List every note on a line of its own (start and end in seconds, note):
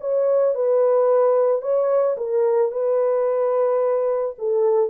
0.00 0.55 C#5
0.55 1.61 B4
1.61 2.16 C#5
2.17 2.71 A#4
2.71 4.35 B4
4.38 4.89 A4